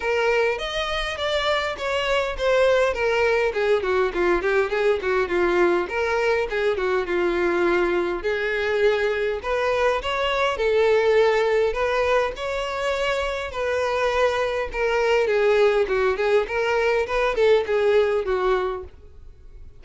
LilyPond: \new Staff \with { instrumentName = "violin" } { \time 4/4 \tempo 4 = 102 ais'4 dis''4 d''4 cis''4 | c''4 ais'4 gis'8 fis'8 f'8 g'8 | gis'8 fis'8 f'4 ais'4 gis'8 fis'8 | f'2 gis'2 |
b'4 cis''4 a'2 | b'4 cis''2 b'4~ | b'4 ais'4 gis'4 fis'8 gis'8 | ais'4 b'8 a'8 gis'4 fis'4 | }